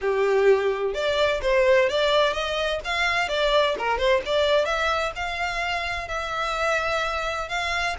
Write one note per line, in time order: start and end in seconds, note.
0.01 0.94 G4
0.94 1.40 D5
1.42 1.89 C5
1.89 2.33 D5
2.33 2.80 D#5
2.84 3.28 F5
3.28 3.75 D5
3.78 3.98 A#4
3.98 4.21 C5
4.25 4.65 D5
4.65 5.12 E5
5.15 6.08 F5
6.08 7.48 E5
7.49 7.95 F5